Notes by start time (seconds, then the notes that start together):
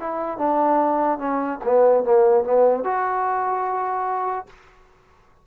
0.00 E4
0.38 D4
1.19 C#4
1.65 B3
2.04 A#3
2.44 B3
2.84 F#4